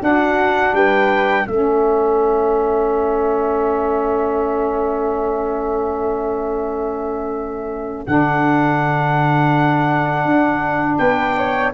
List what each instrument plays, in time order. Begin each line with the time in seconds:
0.00 saxophone D4, tuba D4, flute F#4, trumpet F#5
0.73 tuba G3, flute B4, trumpet G5
1.45 tuba A3, saxophone C#4, flute A4, trumpet E5
8.07 tuba D3, saxophone D4, trumpet F#5
10.25 tuba D4
10.99 tuba B3, flute B4, trumpet G5
11.38 flute C#5